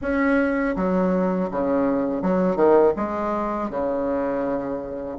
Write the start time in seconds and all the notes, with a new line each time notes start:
0.01 C#4
0.76 F#3
1.50 C#3
2.22 F#3
2.56 D#3
2.96 G#3
3.70 C#3